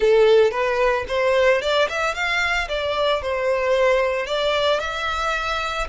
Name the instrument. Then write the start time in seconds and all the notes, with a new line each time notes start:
violin
0.00 A4
0.51 B4
1.08 C5
1.61 D5
1.88 E5
2.14 F5
2.68 D5
3.22 C5
4.26 D5
4.79 E5